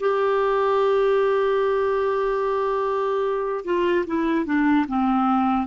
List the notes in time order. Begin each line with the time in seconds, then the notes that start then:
0.00 G4
3.65 F4
4.07 E4
4.45 D4
4.88 C4